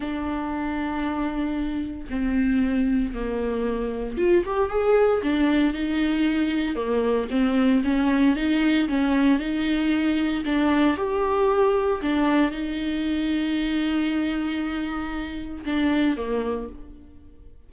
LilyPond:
\new Staff \with { instrumentName = "viola" } { \time 4/4 \tempo 4 = 115 d'1 | c'2 ais2 | f'8 g'8 gis'4 d'4 dis'4~ | dis'4 ais4 c'4 cis'4 |
dis'4 cis'4 dis'2 | d'4 g'2 d'4 | dis'1~ | dis'2 d'4 ais4 | }